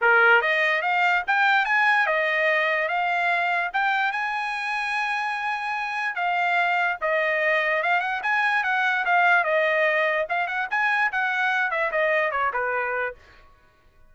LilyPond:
\new Staff \with { instrumentName = "trumpet" } { \time 4/4 \tempo 4 = 146 ais'4 dis''4 f''4 g''4 | gis''4 dis''2 f''4~ | f''4 g''4 gis''2~ | gis''2. f''4~ |
f''4 dis''2 f''8 fis''8 | gis''4 fis''4 f''4 dis''4~ | dis''4 f''8 fis''8 gis''4 fis''4~ | fis''8 e''8 dis''4 cis''8 b'4. | }